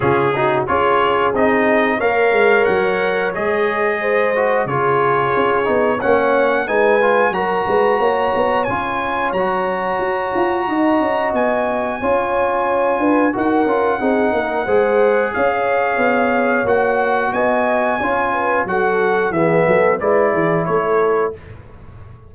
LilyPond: <<
  \new Staff \with { instrumentName = "trumpet" } { \time 4/4 \tempo 4 = 90 gis'4 cis''4 dis''4 f''4 | fis''4 dis''2 cis''4~ | cis''4 fis''4 gis''4 ais''4~ | ais''4 gis''4 ais''2~ |
ais''4 gis''2. | fis''2. f''4~ | f''4 fis''4 gis''2 | fis''4 e''4 d''4 cis''4 | }
  \new Staff \with { instrumentName = "horn" } { \time 4/4 f'8 fis'8 gis'2 cis''4~ | cis''2 c''4 gis'4~ | gis'4 cis''4 b'4 ais'8 b'8 | cis''1 |
dis''2 cis''4. b'8 | ais'4 gis'8 ais'8 c''4 cis''4~ | cis''2 dis''4 cis''8 b'8 | a'4 gis'8 a'8 b'8 gis'8 a'4 | }
  \new Staff \with { instrumentName = "trombone" } { \time 4/4 cis'8 dis'8 f'4 dis'4 ais'4~ | ais'4 gis'4. fis'8 f'4~ | f'8 dis'8 cis'4 dis'8 f'8 fis'4~ | fis'4 f'4 fis'2~ |
fis'2 f'2 | fis'8 f'8 dis'4 gis'2~ | gis'4 fis'2 f'4 | fis'4 b4 e'2 | }
  \new Staff \with { instrumentName = "tuba" } { \time 4/4 cis4 cis'4 c'4 ais8 gis8 | fis4 gis2 cis4 | cis'8 b8 ais4 gis4 fis8 gis8 | ais8 b8 cis'4 fis4 fis'8 f'8 |
dis'8 cis'8 b4 cis'4. d'8 | dis'8 cis'8 c'8 ais8 gis4 cis'4 | b4 ais4 b4 cis'4 | fis4 e8 fis8 gis8 e8 a4 | }
>>